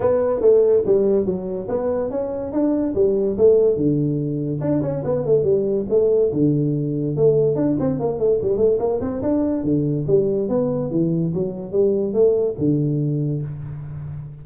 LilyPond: \new Staff \with { instrumentName = "tuba" } { \time 4/4 \tempo 4 = 143 b4 a4 g4 fis4 | b4 cis'4 d'4 g4 | a4 d2 d'8 cis'8 | b8 a8 g4 a4 d4~ |
d4 a4 d'8 c'8 ais8 a8 | g8 a8 ais8 c'8 d'4 d4 | g4 b4 e4 fis4 | g4 a4 d2 | }